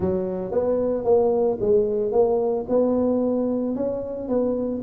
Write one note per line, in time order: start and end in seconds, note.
0.00 0.51 F#3
0.51 1.04 B3
1.04 1.58 A#3
1.60 2.12 G#3
2.12 2.65 A#3
2.68 3.75 B3
3.75 4.28 C#4
4.28 4.81 B3